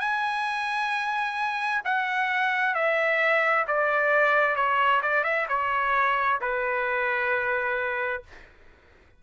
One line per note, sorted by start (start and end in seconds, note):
0.00 1.82 G#5
1.85 2.75 F#5
2.75 3.66 E5
3.68 4.56 D5
4.56 5.01 C#5
5.02 5.24 D5
5.24 5.47 E5
5.49 6.40 C#5
6.41 8.23 B4